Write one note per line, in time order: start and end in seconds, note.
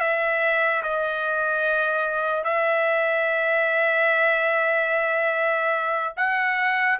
0.00 0.82 E5
0.83 2.44 D#5
2.44 6.14 E5
6.17 6.99 F#5